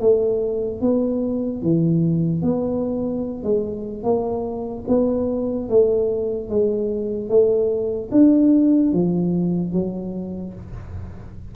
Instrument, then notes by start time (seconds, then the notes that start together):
tuba
0.00 A3
0.81 B3
1.62 E3
2.43 B3
3.43 G#3
4.04 A#3
4.88 B3
5.69 A3
6.49 G#3
7.29 A3
8.12 D4
8.93 F3
9.73 F#3